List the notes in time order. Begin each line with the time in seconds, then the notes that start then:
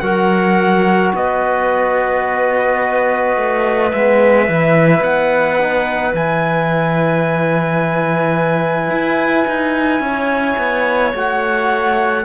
0.00 F#3 F#4 A#4 F#5
1.15 B3 B4 D#5
3.37 A3
3.92 G#3 B3 E5
4.48 E3 E4
5.01 B3 F#5
5.62 D#4
6.14 E3 E4 G#5
8.90 E4
9.47 D#4
10.00 C#4 C#5
10.58 B3
11.14 A3 F#4 F#5